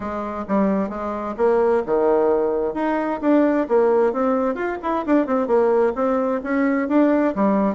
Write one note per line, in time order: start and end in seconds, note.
0.00 0.45 G#3
0.47 0.89 G3
0.89 1.34 G#3
1.37 1.82 A#3
1.86 2.74 D#3
2.74 3.19 D#4
3.21 3.67 D4
3.68 4.12 A#3
4.12 4.54 C4
4.54 4.77 F4
4.82 5.05 E4
5.05 5.26 D4
5.26 5.47 C4
5.47 5.93 A#3
5.95 6.40 C4
6.43 6.88 C#4
6.88 7.34 D4
7.35 7.75 G3